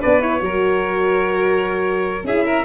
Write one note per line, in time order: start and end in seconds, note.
0.00 0.41 B3
0.00 0.20 D4
0.00 0.41 B4
0.00 0.22 D5
0.20 0.39 E4
0.20 2.26 C#5
0.39 2.24 F#3
0.39 2.22 F#4
0.39 2.25 A#4
2.24 2.64 C#4
2.24 2.65 E4
2.24 2.45 G#4
2.24 2.65 E5
2.45 2.65 A#4